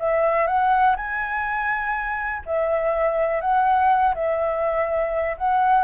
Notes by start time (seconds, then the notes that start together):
0.00 E5
0.47 F#5
0.97 G#5
2.46 E5
3.41 F#5
4.15 E5
5.38 F#5